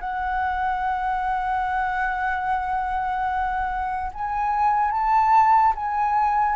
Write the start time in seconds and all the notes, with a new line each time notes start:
0.00 F#5
4.13 G#5
4.91 A5
5.75 G#5